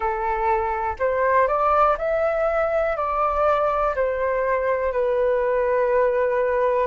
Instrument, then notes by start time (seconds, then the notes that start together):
flute
0.00 A4
0.99 C5
1.47 D5
1.98 E5
2.96 D5
3.95 C5
4.92 B4